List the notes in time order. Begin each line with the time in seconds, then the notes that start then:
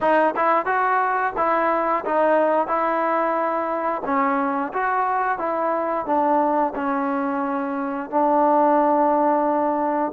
0.00 D#4
0.36 E4
0.65 F#4
1.37 E4
2.05 D#4
2.67 E4
4.04 C#4
4.73 F#4
5.38 E4
6.06 D4
6.75 C#4
8.10 D4